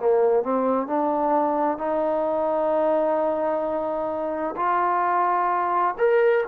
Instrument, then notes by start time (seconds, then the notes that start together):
trombone
0.00 A#3
0.44 C4
0.88 D4
1.78 D#4
4.57 F4
5.98 A#4